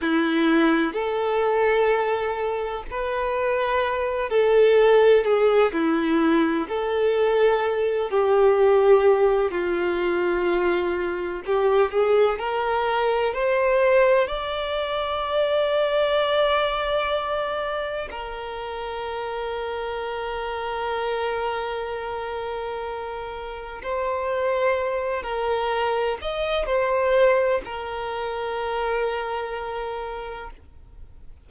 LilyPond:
\new Staff \with { instrumentName = "violin" } { \time 4/4 \tempo 4 = 63 e'4 a'2 b'4~ | b'8 a'4 gis'8 e'4 a'4~ | a'8 g'4. f'2 | g'8 gis'8 ais'4 c''4 d''4~ |
d''2. ais'4~ | ais'1~ | ais'4 c''4. ais'4 dis''8 | c''4 ais'2. | }